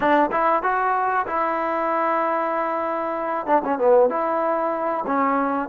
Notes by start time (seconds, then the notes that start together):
0.00 D4
0.31 E4
0.63 F#4
1.26 E4
3.46 D4
3.64 C#4
3.78 B3
4.09 E4
5.06 C#4